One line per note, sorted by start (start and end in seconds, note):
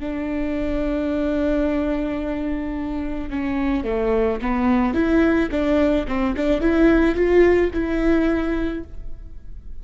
0.00 3.30 D4
3.30 3.84 C#4
3.84 4.39 A3
4.42 4.94 B3
4.94 5.49 E4
5.51 6.06 D4
6.08 6.35 C4
6.37 6.61 D4
6.61 7.15 E4
7.15 7.70 F4
7.73 8.83 E4